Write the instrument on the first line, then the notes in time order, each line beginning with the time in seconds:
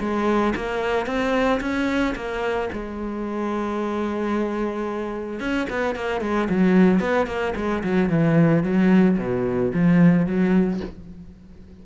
cello
0.00 G#3
0.56 A#3
1.06 C4
1.61 C#4
2.15 A#3
2.73 G#3
5.40 C#4
5.70 B3
5.96 A#3
6.21 G#3
6.50 F#3
7.00 B3
7.27 A#3
7.56 G#3
7.84 F#3
8.10 E3
8.64 F#3
9.18 B2
9.74 F3
10.26 F#3